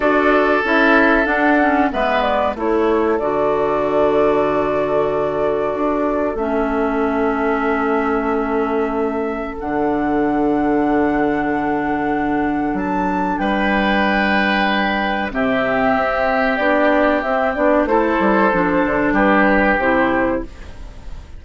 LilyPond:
<<
  \new Staff \with { instrumentName = "flute" } { \time 4/4 \tempo 4 = 94 d''4 e''4 fis''4 e''8 d''8 | cis''4 d''2.~ | d''2 e''2~ | e''2. fis''4~ |
fis''1 | a''4 g''2. | e''2 d''4 e''8 d''8 | c''2 b'4 c''4 | }
  \new Staff \with { instrumentName = "oboe" } { \time 4/4 a'2. b'4 | a'1~ | a'1~ | a'1~ |
a'1~ | a'4 b'2. | g'1 | a'2 g'2 | }
  \new Staff \with { instrumentName = "clarinet" } { \time 4/4 fis'4 e'4 d'8 cis'8 b4 | e'4 fis'2.~ | fis'2 cis'2~ | cis'2. d'4~ |
d'1~ | d'1 | c'2 d'4 c'8 d'8 | e'4 d'2 e'4 | }
  \new Staff \with { instrumentName = "bassoon" } { \time 4/4 d'4 cis'4 d'4 gis4 | a4 d2.~ | d4 d'4 a2~ | a2. d4~ |
d1 | fis4 g2. | c4 c'4 b4 c'8 b8 | a8 g8 f8 d8 g4 c4 | }
>>